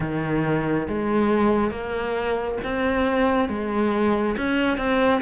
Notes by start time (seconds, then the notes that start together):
0.00 D#3
0.87 G#3
1.70 A#3
2.64 C4
3.49 G#3
4.37 C#4
4.77 C4